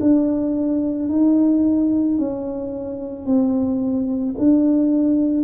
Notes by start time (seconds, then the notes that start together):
0.00 D4
1.09 D#4
2.18 C#4
3.26 C4
4.38 D4